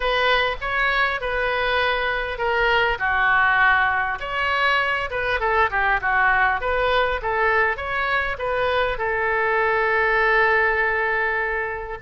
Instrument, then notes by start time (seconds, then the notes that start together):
oboe
0.00 B4
0.60 C#5
1.21 B4
2.38 A#4
2.98 F#4
4.19 C#5
5.10 B4
5.40 A4
5.70 G4
6.01 F#4
6.60 B4
7.22 A4
7.76 C#5
8.38 B4
8.98 A4